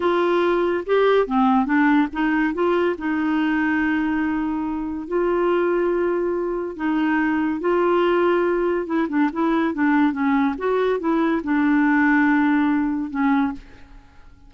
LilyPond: \new Staff \with { instrumentName = "clarinet" } { \time 4/4 \tempo 4 = 142 f'2 g'4 c'4 | d'4 dis'4 f'4 dis'4~ | dis'1 | f'1 |
dis'2 f'2~ | f'4 e'8 d'8 e'4 d'4 | cis'4 fis'4 e'4 d'4~ | d'2. cis'4 | }